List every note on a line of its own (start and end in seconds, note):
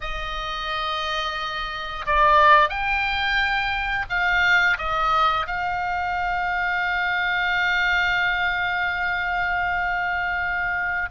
0.01 2.05 D#5
2.06 2.69 D5
2.69 4.05 G5
4.09 4.77 F5
4.78 5.46 D#5
5.46 11.09 F5